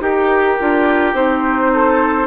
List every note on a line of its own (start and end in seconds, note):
0.00 0.57 D#4
0.00 0.57 G4
0.00 1.71 G4
0.00 1.15 A#4
0.59 1.14 D4
0.59 1.14 F4
1.14 2.27 C4
1.14 2.27 D#4
1.14 2.27 C5
1.74 2.27 A4